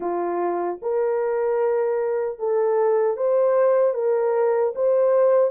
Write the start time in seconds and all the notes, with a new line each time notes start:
0.00 F4
0.82 A#4
2.39 A4
3.17 C5
3.94 A#4
4.75 C5